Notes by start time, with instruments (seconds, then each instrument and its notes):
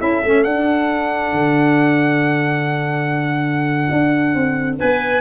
0.00 tuba C#4, saxophone E4, clarinet A4, trumpet E5
0.25 tuba A3, saxophone C#4
0.44 tuba D4, saxophone D4, trumpet F#5
1.33 tuba D3
3.91 tuba D4
4.35 tuba C4
4.79 tuba B3, clarinet B4, trumpet G#5